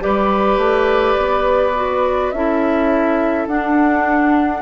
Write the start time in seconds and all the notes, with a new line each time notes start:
0.00 G3 G4 B4 D5
0.57 A3
1.18 B3
1.75 F#4
2.31 C#4 E4 A4 E5
3.47 D4 F#5